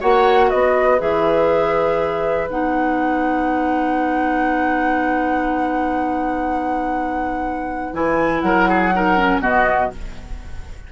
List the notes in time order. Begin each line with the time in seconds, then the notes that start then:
0.00 A#3 F#4 C#5 F#5
0.50 B3 B4 D#5
0.98 E3 G#4 E5
2.48 B3 D#4 F#5
7.93 E3 E4 G#5
8.40 F#3 A#4 F#5
8.69 G#4
8.93 D#4 A#4
9.17 C#4
9.40 B2 B3 F#4 D#5